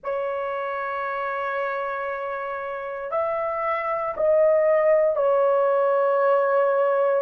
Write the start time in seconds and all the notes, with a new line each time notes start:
0.03 C#5
3.11 E5
4.17 D#5
5.16 C#5